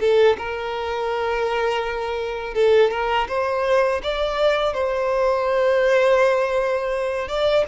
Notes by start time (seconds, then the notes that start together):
0.00 A4
0.38 A#4
2.54 A4
2.91 A#4
3.28 C5
4.03 D5
4.73 C5
7.28 D5